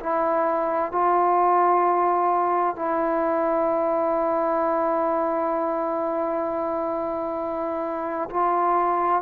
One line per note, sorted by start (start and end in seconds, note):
0.00 0.92 E4
0.92 2.76 F4
2.76 8.30 E4
8.30 9.23 F4